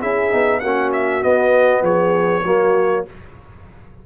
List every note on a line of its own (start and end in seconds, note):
0.00 0.32 C#4
0.00 0.31 E4
0.00 0.61 G#4
0.00 0.60 E5
0.31 0.63 B3
0.31 0.61 D#4
0.60 1.23 A#3
0.60 1.23 C#4
0.60 1.83 F#4
0.60 0.90 F#5
0.93 1.23 E5
1.23 2.44 B3
1.23 1.82 B3
1.23 1.84 D#5
1.82 2.43 F3
1.82 2.44 G#4
1.82 3.06 C#5
2.44 3.05 F#3
2.44 3.06 A#3
2.44 3.06 F#4